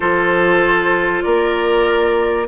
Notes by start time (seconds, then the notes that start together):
0.00 F3 F4 A4 C5
1.22 A#3 A#4 D5